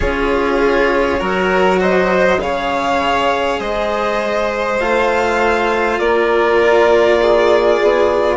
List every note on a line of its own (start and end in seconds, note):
0.00 1.21 C#4
0.00 1.19 F4
0.00 1.19 G#4
0.00 1.79 C#5
1.19 2.39 F#3
1.19 2.39 F#4
1.19 1.79 A#4
1.79 2.40 C5
1.79 2.40 D#5
2.39 3.59 C#3
2.39 4.80 G#4
2.39 3.59 C#5
2.39 3.60 F5
3.59 4.79 G#3
3.59 5.99 C5
3.59 4.80 D#5
4.79 5.99 A3
4.79 8.36 F4
4.79 5.99 F5
5.99 7.79 A#3
5.99 7.20 A#4
5.99 8.36 D5
7.21 8.36 G#4
7.83 8.36 B3